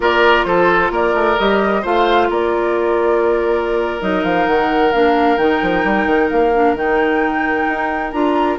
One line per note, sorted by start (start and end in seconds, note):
0.00 0.45 A#3
0.00 1.37 F4
0.00 0.46 A#4
0.00 0.43 D5
0.43 0.90 F3
0.43 0.92 A4
0.43 0.89 C5
0.90 1.13 A#3
0.90 1.82 A#4
0.90 1.38 D5
1.14 1.37 A3
1.38 1.84 G3
1.38 1.83 G4
1.38 1.84 D#5
1.82 2.29 A3
1.82 4.00 F4
1.82 2.28 C5
1.82 2.31 F5
2.29 4.01 A#3
2.29 8.58 A#4
2.29 4.01 D5
4.00 4.23 F#3
4.00 4.92 D#4
4.00 4.24 D#5
4.23 4.46 F3
4.23 4.46 F5
4.46 4.93 D#3
4.46 4.92 F#5
4.92 5.38 A#3
4.92 5.37 D4
4.92 5.37 F5
5.37 5.60 D#3
5.37 6.52 D#4
5.37 6.29 G5
5.62 5.84 F3
5.84 6.06 G3
6.06 6.29 D#3
6.29 6.74 A#3
6.29 6.75 F5
6.54 6.76 D4
6.74 7.65 D#3
6.74 8.13 D#4
6.74 8.11 G5
7.67 8.12 D#4
8.11 8.58 D4
8.11 8.58 F4
8.11 8.57 A#5